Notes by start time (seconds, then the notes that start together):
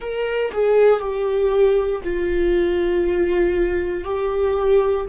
0.00 A#4
0.51 G#4
0.99 G4
2.03 F4
4.04 G4